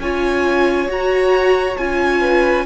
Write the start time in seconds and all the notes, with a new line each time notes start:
0.00 C#4 F4 C#5 G#5
0.88 F#4 A#5
1.78 C#4 F4 G#5
2.21 B4